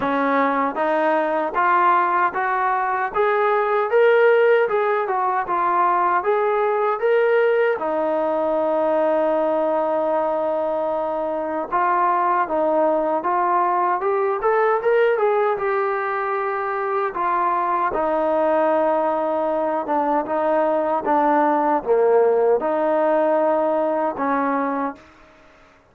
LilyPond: \new Staff \with { instrumentName = "trombone" } { \time 4/4 \tempo 4 = 77 cis'4 dis'4 f'4 fis'4 | gis'4 ais'4 gis'8 fis'8 f'4 | gis'4 ais'4 dis'2~ | dis'2. f'4 |
dis'4 f'4 g'8 a'8 ais'8 gis'8 | g'2 f'4 dis'4~ | dis'4. d'8 dis'4 d'4 | ais4 dis'2 cis'4 | }